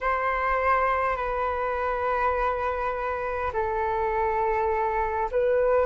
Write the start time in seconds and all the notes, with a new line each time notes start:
0.00 C5
1.16 B4
3.53 A4
5.31 B4